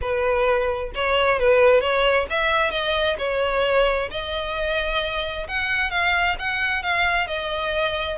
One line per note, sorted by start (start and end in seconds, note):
0.01 0.92 B4
0.94 1.39 C#5
1.39 1.80 B4
1.80 2.26 C#5
2.30 2.70 E5
2.70 3.16 D#5
3.18 4.09 C#5
4.10 5.47 D#5
5.48 5.90 F#5
5.90 6.36 F5
6.38 6.82 F#5
6.82 7.27 F5
7.27 8.17 D#5